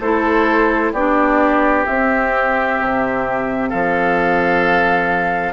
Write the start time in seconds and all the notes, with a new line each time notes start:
0.00 A3 E4 A4 C5
0.93 B3 D4 G4 D5
1.85 C4 E5
2.80 C3
3.69 F3 A4 F5